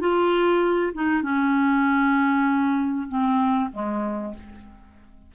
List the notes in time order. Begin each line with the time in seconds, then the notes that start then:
0.00 F4
0.94 D#4
1.22 C#4
3.09 C4
3.73 G#3